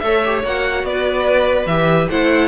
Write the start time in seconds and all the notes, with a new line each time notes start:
0.00 A3 A4 C#5 E5
0.25 G4
0.44 A#3 F#4 F#5
0.84 B3 B4 D5
1.66 E3 G4 E5
2.09 A3 E4 C5 F#5